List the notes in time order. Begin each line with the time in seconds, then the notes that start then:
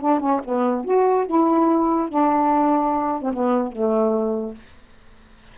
0.00 D4
0.19 C#4
0.44 B3
0.85 F#4
1.26 E4
2.08 D4
3.22 C4
3.32 B3
3.72 A3